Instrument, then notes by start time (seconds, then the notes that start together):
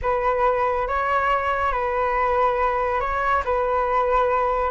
flute
0.01 B4
0.87 C#5
1.72 B4
3.00 C#5
3.44 B4